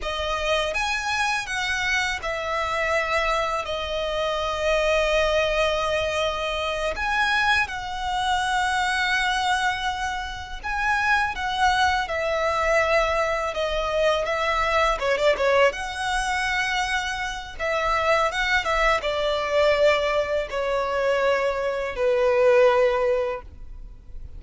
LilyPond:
\new Staff \with { instrumentName = "violin" } { \time 4/4 \tempo 4 = 82 dis''4 gis''4 fis''4 e''4~ | e''4 dis''2.~ | dis''4. gis''4 fis''4.~ | fis''2~ fis''8 gis''4 fis''8~ |
fis''8 e''2 dis''4 e''8~ | e''8 cis''16 d''16 cis''8 fis''2~ fis''8 | e''4 fis''8 e''8 d''2 | cis''2 b'2 | }